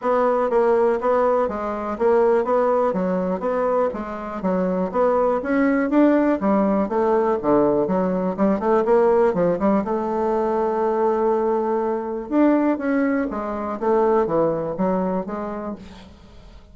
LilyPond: \new Staff \with { instrumentName = "bassoon" } { \time 4/4 \tempo 4 = 122 b4 ais4 b4 gis4 | ais4 b4 fis4 b4 | gis4 fis4 b4 cis'4 | d'4 g4 a4 d4 |
fis4 g8 a8 ais4 f8 g8 | a1~ | a4 d'4 cis'4 gis4 | a4 e4 fis4 gis4 | }